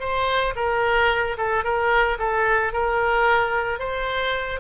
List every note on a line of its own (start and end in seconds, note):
0.00 0.54 C5
0.56 1.37 A#4
1.38 1.64 A4
1.64 2.18 A#4
2.19 2.73 A4
2.73 3.79 A#4
3.79 4.60 C5